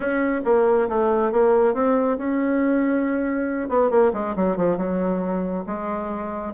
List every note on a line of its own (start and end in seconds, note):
0.00 0.41 C#4
0.44 0.88 A#3
0.88 1.32 A3
1.32 1.74 A#3
1.74 2.17 C4
2.17 3.68 C#4
3.68 3.90 B3
3.90 4.12 A#3
4.13 4.35 G#3
4.36 4.56 F#3
4.56 4.77 F3
4.77 5.64 F#3
5.66 6.53 G#3